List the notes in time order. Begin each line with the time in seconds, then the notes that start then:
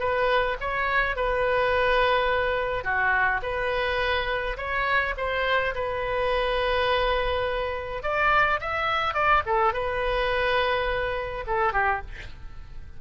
0.00 B4
0.61 C#5
1.16 B4
2.84 F#4
3.43 B4
4.57 C#5
5.18 C5
5.75 B4
8.03 D5
8.61 E5
9.14 D5
9.46 A4
9.74 B4
11.47 A4
11.73 G4